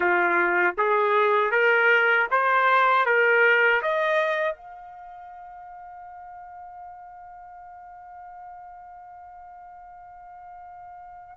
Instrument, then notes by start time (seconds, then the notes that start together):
trumpet
0.00 F4
0.77 G#4
1.51 A#4
2.30 C5
3.05 A#4
3.81 D#5
4.55 F5